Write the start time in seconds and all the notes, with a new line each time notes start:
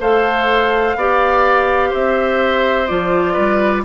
0.00 A3 A4 C5 F5
0.95 B3 G4 D5
1.90 C4 C5 E5
2.86 F3 F4 D5
3.33 G3 B4